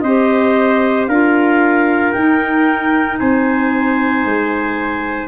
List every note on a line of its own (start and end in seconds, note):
0.00 1.07 C4
0.00 1.11 G4
0.00 1.09 C5
0.00 1.05 D#5
1.07 2.12 D4
1.07 2.15 F4
1.07 3.19 A#4
1.07 2.12 F5
2.12 3.20 D#4
2.12 5.28 D#4
2.12 3.17 G5
3.18 4.24 C4
3.18 5.28 C5
3.18 5.28 G#5
4.24 5.28 G#3